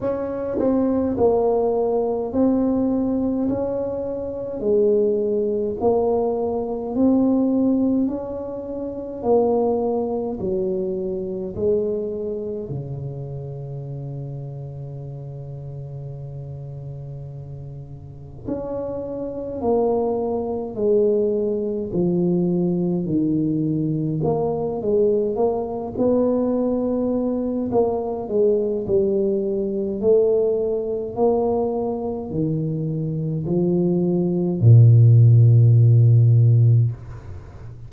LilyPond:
\new Staff \with { instrumentName = "tuba" } { \time 4/4 \tempo 4 = 52 cis'8 c'8 ais4 c'4 cis'4 | gis4 ais4 c'4 cis'4 | ais4 fis4 gis4 cis4~ | cis1 |
cis'4 ais4 gis4 f4 | dis4 ais8 gis8 ais8 b4. | ais8 gis8 g4 a4 ais4 | dis4 f4 ais,2 | }